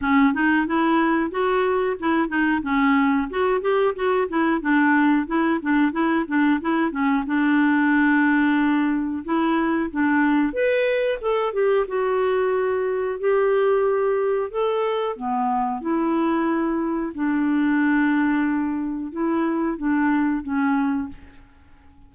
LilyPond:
\new Staff \with { instrumentName = "clarinet" } { \time 4/4 \tempo 4 = 91 cis'8 dis'8 e'4 fis'4 e'8 dis'8 | cis'4 fis'8 g'8 fis'8 e'8 d'4 | e'8 d'8 e'8 d'8 e'8 cis'8 d'4~ | d'2 e'4 d'4 |
b'4 a'8 g'8 fis'2 | g'2 a'4 b4 | e'2 d'2~ | d'4 e'4 d'4 cis'4 | }